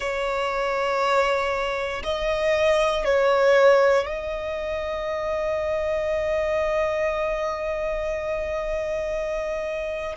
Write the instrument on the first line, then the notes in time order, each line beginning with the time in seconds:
violin
0.00 C#5
2.03 D#5
3.05 C#5
4.05 D#5